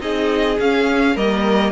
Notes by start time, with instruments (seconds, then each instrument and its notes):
0.00 cello C4, viola D#4, violin G#4 D#5
0.59 cello C#4, viola C#4, violin F5
1.15 cello G3, viola A#3, violin A#4 D#5